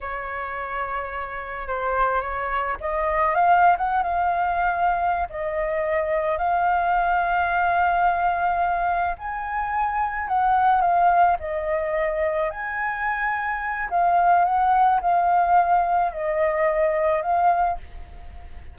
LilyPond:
\new Staff \with { instrumentName = "flute" } { \time 4/4 \tempo 4 = 108 cis''2. c''4 | cis''4 dis''4 f''8. fis''8 f''8.~ | f''4. dis''2 f''8~ | f''1~ |
f''8 gis''2 fis''4 f''8~ | f''8 dis''2 gis''4.~ | gis''4 f''4 fis''4 f''4~ | f''4 dis''2 f''4 | }